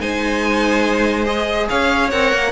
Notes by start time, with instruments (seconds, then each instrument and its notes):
0.00 cello G#3, viola D#4, violin C5 G#5
1.25 viola G#4, violin D#5
1.69 cello C#4, violin C#5 F5
2.10 cello C4, viola A#4, violin F#5
2.33 cello A#3